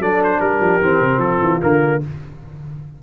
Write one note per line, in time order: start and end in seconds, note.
0.00 0.40 F#3
0.00 0.81 D4
0.00 0.41 A4
0.00 0.22 D5
0.24 0.41 C5
0.41 0.61 G3
0.41 1.22 G4
0.41 1.20 A#4
0.61 0.81 F3
0.81 1.01 E3
0.81 1.61 C4
1.01 1.18 C3
1.18 1.38 F3
1.18 2.03 F4
1.18 1.60 A4
1.41 1.61 E3
1.61 2.03 D3
1.61 2.01 A#3
1.61 2.02 A#4